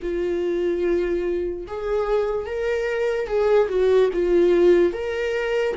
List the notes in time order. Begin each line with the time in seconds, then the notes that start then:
0.02 F4
1.67 G#4
2.46 A#4
3.27 G#4
3.68 F#4
4.13 F4
4.92 A#4